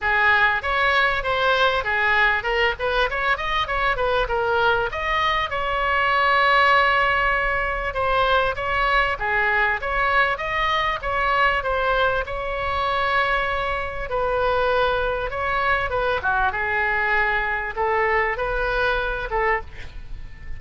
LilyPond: \new Staff \with { instrumentName = "oboe" } { \time 4/4 \tempo 4 = 98 gis'4 cis''4 c''4 gis'4 | ais'8 b'8 cis''8 dis''8 cis''8 b'8 ais'4 | dis''4 cis''2.~ | cis''4 c''4 cis''4 gis'4 |
cis''4 dis''4 cis''4 c''4 | cis''2. b'4~ | b'4 cis''4 b'8 fis'8 gis'4~ | gis'4 a'4 b'4. a'8 | }